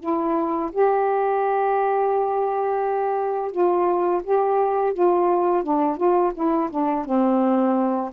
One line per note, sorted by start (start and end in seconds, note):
0.00 0.71 E4
0.72 3.51 G4
3.51 4.22 F4
4.23 4.93 G4
4.93 5.63 F4
5.63 5.97 D4
5.97 6.32 F4
6.34 6.70 E4
6.70 7.05 D4
7.05 8.11 C4